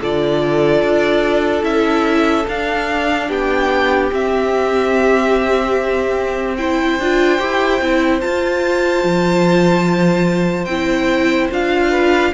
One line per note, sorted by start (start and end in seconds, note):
0.00 0.83 D3
0.00 1.62 F4
0.00 3.27 A4
0.00 1.64 D5
0.83 1.63 D4
1.62 2.45 C#4
1.62 2.44 E4
1.62 2.46 E5
2.48 3.29 D4
2.48 4.11 D4
2.48 3.31 F5
3.27 4.11 B3
3.27 6.56 G4
3.27 4.14 G5
4.11 6.57 C4
4.11 6.99 C4
4.11 6.57 E5
6.57 6.99 E4
6.57 11.90 C5
6.57 8.21 G5
6.99 7.40 D4
6.99 7.38 F4
7.38 7.81 E4
7.38 7.79 G4
7.81 8.22 C4
7.81 8.21 E4
8.21 10.67 F4
8.21 9.04 F4
8.21 10.65 A5
9.04 10.66 F3
10.65 11.49 C4
10.65 11.51 E4
10.65 11.47 G5
11.51 12.33 D4
11.51 12.33 F4
11.51 12.34 F5
11.90 12.32 B4